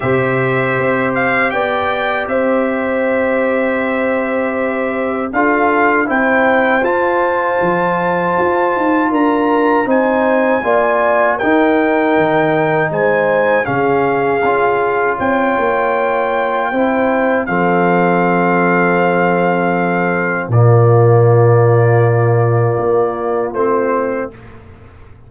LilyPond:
<<
  \new Staff \with { instrumentName = "trumpet" } { \time 4/4 \tempo 4 = 79 e''4. f''8 g''4 e''4~ | e''2. f''4 | g''4 a''2. | ais''4 gis''2 g''4~ |
g''4 gis''4 f''2 | g''2. f''4~ | f''2. d''4~ | d''2. c''4 | }
  \new Staff \with { instrumentName = "horn" } { \time 4/4 c''2 d''4 c''4~ | c''2. a'4 | c''1 | ais'4 c''4 d''4 ais'4~ |
ais'4 c''4 gis'2 | cis''2 c''4 a'4~ | a'2. f'4~ | f'1 | }
  \new Staff \with { instrumentName = "trombone" } { \time 4/4 g'1~ | g'2. f'4 | e'4 f'2.~ | f'4 dis'4 f'4 dis'4~ |
dis'2 cis'4 f'4~ | f'2 e'4 c'4~ | c'2. ais4~ | ais2. c'4 | }
  \new Staff \with { instrumentName = "tuba" } { \time 4/4 c4 c'4 b4 c'4~ | c'2. d'4 | c'4 f'4 f4 f'8 dis'8 | d'4 c'4 ais4 dis'4 |
dis4 gis4 cis4 cis'4 | c'8 ais4. c'4 f4~ | f2. ais,4~ | ais,2 ais4 a4 | }
>>